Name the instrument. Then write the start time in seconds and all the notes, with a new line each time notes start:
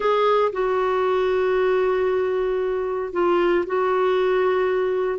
clarinet
0.00 G#4
0.52 F#4
3.12 F4
3.66 F#4